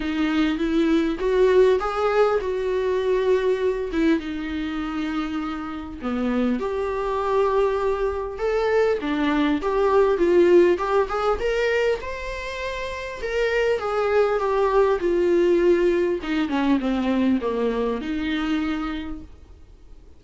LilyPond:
\new Staff \with { instrumentName = "viola" } { \time 4/4 \tempo 4 = 100 dis'4 e'4 fis'4 gis'4 | fis'2~ fis'8 e'8 dis'4~ | dis'2 b4 g'4~ | g'2 a'4 d'4 |
g'4 f'4 g'8 gis'8 ais'4 | c''2 ais'4 gis'4 | g'4 f'2 dis'8 cis'8 | c'4 ais4 dis'2 | }